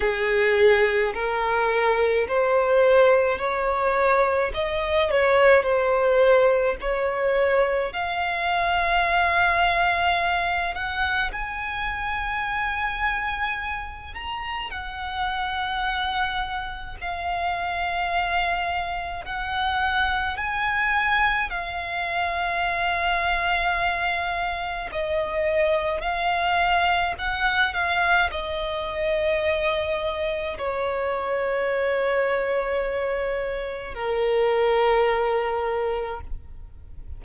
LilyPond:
\new Staff \with { instrumentName = "violin" } { \time 4/4 \tempo 4 = 53 gis'4 ais'4 c''4 cis''4 | dis''8 cis''8 c''4 cis''4 f''4~ | f''4. fis''8 gis''2~ | gis''8 ais''8 fis''2 f''4~ |
f''4 fis''4 gis''4 f''4~ | f''2 dis''4 f''4 | fis''8 f''8 dis''2 cis''4~ | cis''2 ais'2 | }